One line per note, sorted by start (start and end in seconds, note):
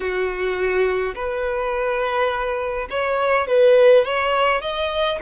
0.00 1.14 F#4
1.15 2.88 B4
2.90 3.47 C#5
3.47 4.04 B4
4.04 4.61 C#5
4.61 5.19 D#5